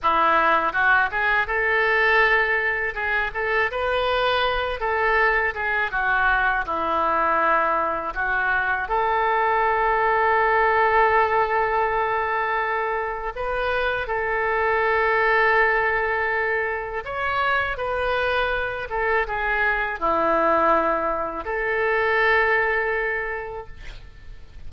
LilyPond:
\new Staff \with { instrumentName = "oboe" } { \time 4/4 \tempo 4 = 81 e'4 fis'8 gis'8 a'2 | gis'8 a'8 b'4. a'4 gis'8 | fis'4 e'2 fis'4 | a'1~ |
a'2 b'4 a'4~ | a'2. cis''4 | b'4. a'8 gis'4 e'4~ | e'4 a'2. | }